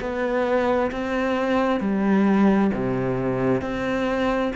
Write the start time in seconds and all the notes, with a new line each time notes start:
0.00 B3
0.91 C4
1.80 G3
2.74 C3
3.61 C4